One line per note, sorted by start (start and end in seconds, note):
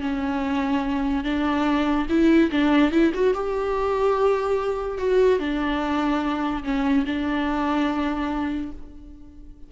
0.00 1.24 C#4
1.24 2.07 D4
2.09 2.50 E4
2.51 2.91 D4
2.91 3.12 E4
3.14 3.34 F#4
3.34 4.98 G4
4.98 5.39 F#4
5.39 6.63 D4
6.63 7.05 C#4
7.06 8.71 D4